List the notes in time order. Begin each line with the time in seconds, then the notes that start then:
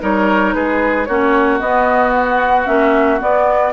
0.00 G3 D#4 A#4 C#5
0.54 G#3 G#4 B4
1.06 A#3 C#4 F#4 C#5
1.60 B3 D#5
2.16 F#5
2.66 A#3 C#4 E5
3.21 B3 D5